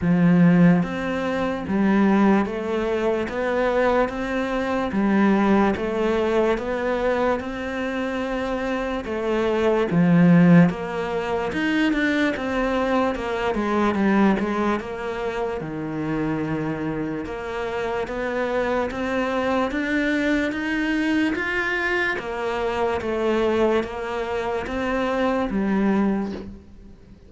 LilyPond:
\new Staff \with { instrumentName = "cello" } { \time 4/4 \tempo 4 = 73 f4 c'4 g4 a4 | b4 c'4 g4 a4 | b4 c'2 a4 | f4 ais4 dis'8 d'8 c'4 |
ais8 gis8 g8 gis8 ais4 dis4~ | dis4 ais4 b4 c'4 | d'4 dis'4 f'4 ais4 | a4 ais4 c'4 g4 | }